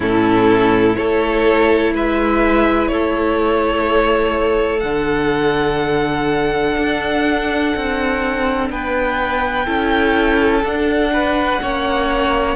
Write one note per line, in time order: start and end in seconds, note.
0.00 0.96 A2
0.00 0.93 C#4
0.00 0.96 E4
0.00 0.96 A4
0.93 1.94 A3
0.93 4.80 E4
0.93 1.93 A4
0.93 1.92 C#5
1.94 2.89 G#3
1.94 2.91 B4
1.94 2.87 E5
2.87 4.83 A3
2.87 8.71 A4
2.87 4.79 C#5
4.79 6.76 D3
4.79 9.66 D4
4.79 8.67 F#5
6.77 7.74 D4
7.75 8.70 C4
8.70 9.66 B3
8.70 9.66 B4
8.70 10.64 G5
9.66 10.63 C#4
9.66 10.62 E4
9.66 11.11 A4
10.63 11.59 D4
10.63 11.60 D4
10.63 12.56 F#5
11.13 11.61 B4
11.61 12.56 A#3
11.61 12.56 C#4
11.61 12.56 C#5